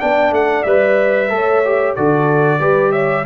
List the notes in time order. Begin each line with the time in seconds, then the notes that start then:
0.00 B3 D4 D5 G5
0.31 A3 F#5
0.63 G3 B4 E5
1.29 A3 A4 C#5
1.65 G4
1.96 D3 F#4 A4 D5
2.59 G3 G4 B4
2.92 C#5 E5